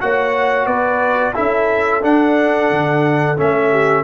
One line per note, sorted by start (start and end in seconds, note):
0.00 0.66 A#3
0.00 1.34 F#4
0.00 0.66 C#5
0.00 0.66 F#5
0.66 1.33 B3
0.66 1.33 B4
0.66 1.34 D5
1.34 2.03 C#4
1.34 2.01 E4
1.34 3.70 A4
1.34 2.03 E5
2.02 3.36 D4
2.02 2.70 D4
2.02 3.39 F#5
2.70 3.38 D3
3.37 4.03 A3
3.37 4.03 C#4
3.37 4.03 E5
3.71 4.03 G4